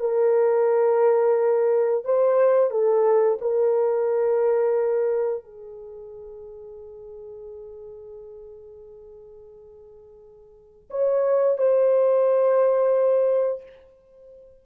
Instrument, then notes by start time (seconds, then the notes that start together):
horn
0.00 A#4
2.05 C5
2.71 A4
3.41 A#4
5.44 G#4
10.90 C#5
11.58 C5